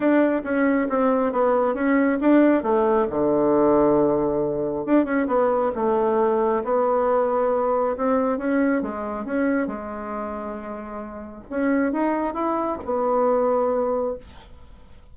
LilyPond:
\new Staff \with { instrumentName = "bassoon" } { \time 4/4 \tempo 4 = 136 d'4 cis'4 c'4 b4 | cis'4 d'4 a4 d4~ | d2. d'8 cis'8 | b4 a2 b4~ |
b2 c'4 cis'4 | gis4 cis'4 gis2~ | gis2 cis'4 dis'4 | e'4 b2. | }